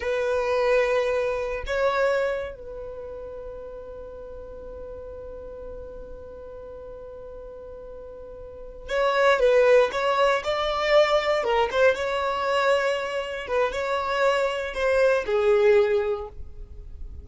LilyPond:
\new Staff \with { instrumentName = "violin" } { \time 4/4 \tempo 4 = 118 b'2.~ b'16 cis''8.~ | cis''4 b'2.~ | b'1~ | b'1~ |
b'4. cis''4 b'4 cis''8~ | cis''8 d''2 ais'8 c''8 cis''8~ | cis''2~ cis''8 b'8 cis''4~ | cis''4 c''4 gis'2 | }